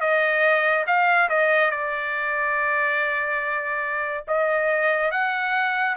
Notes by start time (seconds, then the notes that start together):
0.00 D#5
0.86 F5
1.29 D#5
1.71 D5
4.28 D#5
5.11 F#5